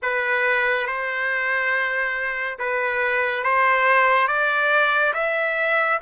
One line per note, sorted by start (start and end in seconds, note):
0.02 0.86 B4
0.86 2.58 C5
2.58 3.43 B4
3.43 4.27 C5
4.27 5.13 D5
5.14 5.99 E5